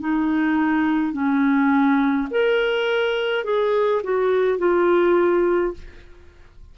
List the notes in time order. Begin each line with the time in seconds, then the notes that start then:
0.00 D#4
1.13 C#4
2.31 A#4
3.45 G#4
4.03 F#4
4.58 F4